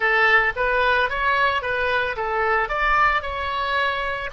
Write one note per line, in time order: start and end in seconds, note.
0.00 0.53 A4
0.56 1.09 B4
1.09 1.61 C#5
1.61 2.15 B4
2.16 2.68 A4
2.68 3.22 D5
3.22 4.30 C#5